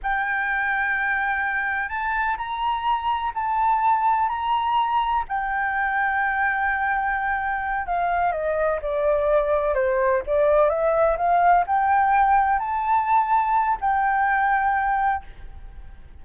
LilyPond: \new Staff \with { instrumentName = "flute" } { \time 4/4 \tempo 4 = 126 g''1 | a''4 ais''2 a''4~ | a''4 ais''2 g''4~ | g''1~ |
g''8 f''4 dis''4 d''4.~ | d''8 c''4 d''4 e''4 f''8~ | f''8 g''2 a''4.~ | a''4 g''2. | }